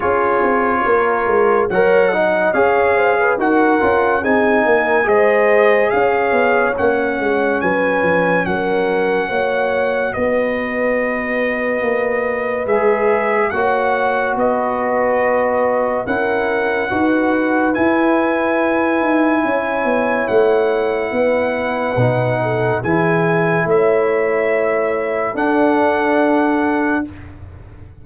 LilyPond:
<<
  \new Staff \with { instrumentName = "trumpet" } { \time 4/4 \tempo 4 = 71 cis''2 fis''4 f''4 | fis''4 gis''4 dis''4 f''4 | fis''4 gis''4 fis''2 | dis''2. e''4 |
fis''4 dis''2 fis''4~ | fis''4 gis''2. | fis''2. gis''4 | e''2 fis''2 | }
  \new Staff \with { instrumentName = "horn" } { \time 4/4 gis'4 ais'4 cis''8 dis''8 cis''8 c''16 b'16 | ais'4 gis'8 ais'8 c''4 cis''4~ | cis''4 b'4 ais'4 cis''4 | b'1 |
cis''4 b'2 ais'4 | b'2. cis''4~ | cis''4 b'4. a'8 gis'4 | cis''2 a'2 | }
  \new Staff \with { instrumentName = "trombone" } { \time 4/4 f'2 ais'8 dis'8 gis'4 | fis'8 f'8 dis'4 gis'2 | cis'2. fis'4~ | fis'2. gis'4 |
fis'2. e'4 | fis'4 e'2.~ | e'2 dis'4 e'4~ | e'2 d'2 | }
  \new Staff \with { instrumentName = "tuba" } { \time 4/4 cis'8 c'8 ais8 gis8 fis4 cis'4 | dis'8 cis'8 c'8 ais8 gis4 cis'8 b8 | ais8 gis8 fis8 f8 fis4 ais4 | b2 ais4 gis4 |
ais4 b2 cis'4 | dis'4 e'4. dis'8 cis'8 b8 | a4 b4 b,4 e4 | a2 d'2 | }
>>